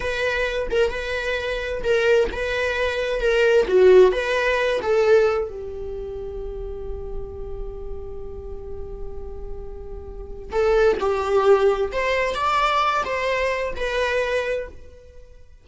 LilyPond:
\new Staff \with { instrumentName = "viola" } { \time 4/4 \tempo 4 = 131 b'4. ais'8 b'2 | ais'4 b'2 ais'4 | fis'4 b'4. a'4. | g'1~ |
g'1~ | g'2. a'4 | g'2 c''4 d''4~ | d''8 c''4. b'2 | }